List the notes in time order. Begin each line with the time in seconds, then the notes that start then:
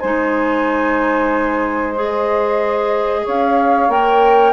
0.00 G#3 D#4 C5 G#5
1.95 G#4 D#5
3.23 C#4 C#5 F5
3.89 A#3 A#4 G5